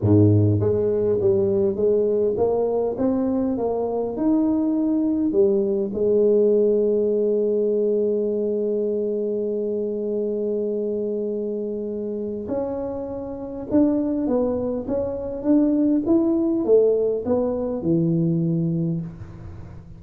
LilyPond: \new Staff \with { instrumentName = "tuba" } { \time 4/4 \tempo 4 = 101 gis,4 gis4 g4 gis4 | ais4 c'4 ais4 dis'4~ | dis'4 g4 gis2~ | gis1~ |
gis1~ | gis4 cis'2 d'4 | b4 cis'4 d'4 e'4 | a4 b4 e2 | }